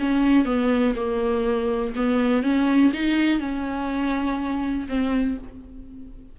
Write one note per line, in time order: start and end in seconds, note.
0.00 0.45 C#4
0.45 0.95 B3
0.96 1.94 A#3
1.96 2.43 B3
2.43 2.92 C#4
2.94 3.40 D#4
3.40 4.88 C#4
4.89 5.38 C4